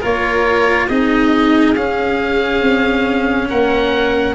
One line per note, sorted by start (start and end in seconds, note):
0.00 0.89 A#3
0.00 0.89 F4
0.00 0.87 A#4
0.00 0.88 C#5
0.87 1.75 C4
0.87 1.76 D#4
0.87 3.48 G#4
0.87 1.75 D#5
1.75 2.62 C#4
1.75 4.35 C#4
1.75 3.49 F5
2.62 3.49 C4
3.49 4.35 A#3
3.49 4.35 A#4
3.49 4.35 F#5